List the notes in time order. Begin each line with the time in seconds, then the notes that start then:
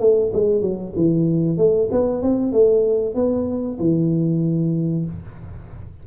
0.00 A3
0.33 G#3
0.62 F#3
0.96 E3
1.58 A3
1.92 B3
2.22 C4
2.52 A3
3.15 B3
3.80 E3